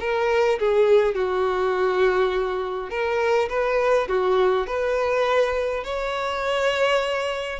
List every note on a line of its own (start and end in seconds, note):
0.00 0.59 A#4
0.59 1.15 G#4
1.15 2.90 F#4
2.90 3.49 A#4
3.49 4.08 B4
4.08 4.67 F#4
4.67 5.84 B4
5.84 7.60 C#5